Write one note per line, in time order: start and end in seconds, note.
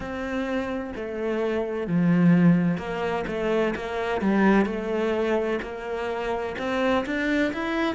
0.00 0.92 C4
0.95 1.87 A3
1.87 2.77 F3
2.77 3.24 A#3
3.27 3.74 A3
3.75 4.21 A#3
4.21 4.65 G3
4.65 5.59 A3
5.62 6.55 A#3
6.58 7.05 C4
7.06 7.53 D4
7.53 7.95 E4